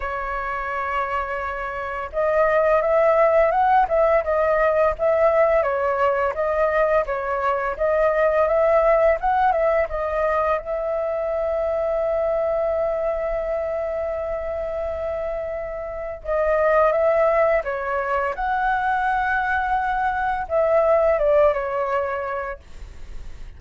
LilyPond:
\new Staff \with { instrumentName = "flute" } { \time 4/4 \tempo 4 = 85 cis''2. dis''4 | e''4 fis''8 e''8 dis''4 e''4 | cis''4 dis''4 cis''4 dis''4 | e''4 fis''8 e''8 dis''4 e''4~ |
e''1~ | e''2. dis''4 | e''4 cis''4 fis''2~ | fis''4 e''4 d''8 cis''4. | }